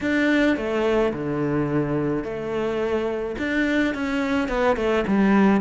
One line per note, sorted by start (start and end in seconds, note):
0.01 0.56 D4
0.56 1.12 A3
1.13 2.24 D3
2.24 3.36 A3
3.38 3.94 D4
3.94 4.48 C#4
4.48 4.76 B3
4.76 5.04 A3
5.07 5.61 G3